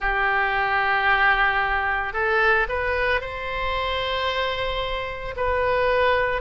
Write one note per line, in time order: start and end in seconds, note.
0.00 2.13 G4
2.13 2.66 A4
2.68 3.20 B4
3.20 5.35 C5
5.36 6.41 B4